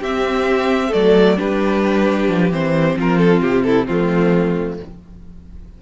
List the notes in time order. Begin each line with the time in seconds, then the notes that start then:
0.00 C4 G4 E5
0.88 F#3 A3 A4 D5
1.36 G3 D4 G4 B4
2.28 F3
2.50 E3 C4 C5
2.96 F3 F4 A#4
3.18 A4
3.41 C3 G4
3.64 E4 A4
3.86 F3 A3 C4 F4